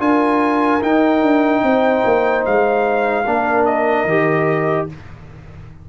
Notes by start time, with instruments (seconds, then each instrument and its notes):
0.00 tuba D4, trombone F4, horn A#4, trumpet G#5
0.82 trombone D#4, tuba D#4, trumpet G5
1.22 tuba D4
1.64 tuba C4, horn C5
2.05 tuba A#3
2.46 tuba G#3, trumpet F5
3.26 tuba A#3, trombone D4, horn A#4
3.66 trumpet D#5
4.05 tuba D#3, trombone G4